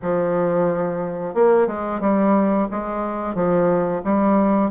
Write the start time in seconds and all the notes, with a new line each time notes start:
0.02 F3
1.34 A#3
1.67 G#3
2.00 G3
2.71 G#3
3.34 F3
4.04 G3